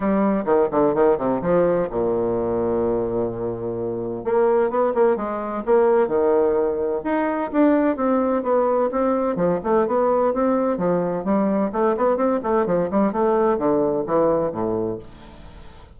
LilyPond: \new Staff \with { instrumentName = "bassoon" } { \time 4/4 \tempo 4 = 128 g4 dis8 d8 dis8 c8 f4 | ais,1~ | ais,4 ais4 b8 ais8 gis4 | ais4 dis2 dis'4 |
d'4 c'4 b4 c'4 | f8 a8 b4 c'4 f4 | g4 a8 b8 c'8 a8 f8 g8 | a4 d4 e4 a,4 | }